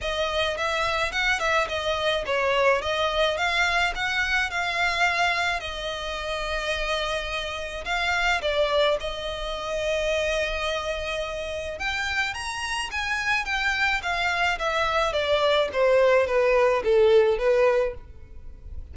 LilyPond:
\new Staff \with { instrumentName = "violin" } { \time 4/4 \tempo 4 = 107 dis''4 e''4 fis''8 e''8 dis''4 | cis''4 dis''4 f''4 fis''4 | f''2 dis''2~ | dis''2 f''4 d''4 |
dis''1~ | dis''4 g''4 ais''4 gis''4 | g''4 f''4 e''4 d''4 | c''4 b'4 a'4 b'4 | }